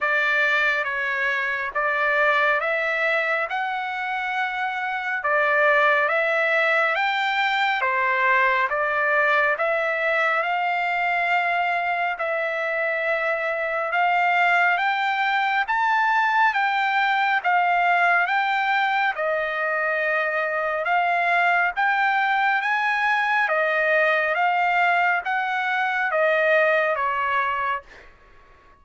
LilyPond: \new Staff \with { instrumentName = "trumpet" } { \time 4/4 \tempo 4 = 69 d''4 cis''4 d''4 e''4 | fis''2 d''4 e''4 | g''4 c''4 d''4 e''4 | f''2 e''2 |
f''4 g''4 a''4 g''4 | f''4 g''4 dis''2 | f''4 g''4 gis''4 dis''4 | f''4 fis''4 dis''4 cis''4 | }